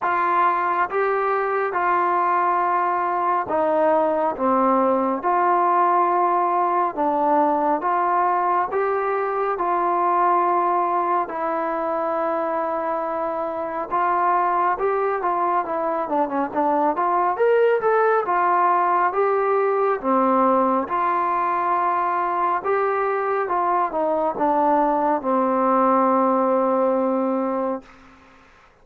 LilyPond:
\new Staff \with { instrumentName = "trombone" } { \time 4/4 \tempo 4 = 69 f'4 g'4 f'2 | dis'4 c'4 f'2 | d'4 f'4 g'4 f'4~ | f'4 e'2. |
f'4 g'8 f'8 e'8 d'16 cis'16 d'8 f'8 | ais'8 a'8 f'4 g'4 c'4 | f'2 g'4 f'8 dis'8 | d'4 c'2. | }